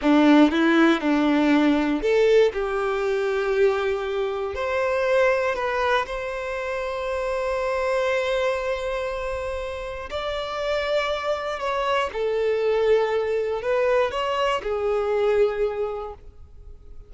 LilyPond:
\new Staff \with { instrumentName = "violin" } { \time 4/4 \tempo 4 = 119 d'4 e'4 d'2 | a'4 g'2.~ | g'4 c''2 b'4 | c''1~ |
c''1 | d''2. cis''4 | a'2. b'4 | cis''4 gis'2. | }